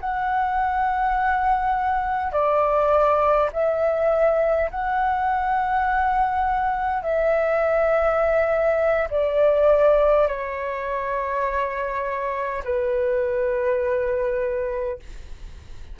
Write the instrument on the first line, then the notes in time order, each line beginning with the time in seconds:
flute
0.00 F#5
2.32 D5
3.52 E5
4.70 F#5
7.02 E5
9.10 D5
10.27 C#5
12.64 B4